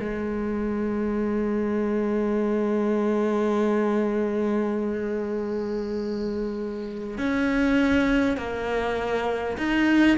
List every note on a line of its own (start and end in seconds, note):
0.00 7.19 G#3
7.19 8.38 C#4
8.38 9.58 A#3
9.58 10.18 D#4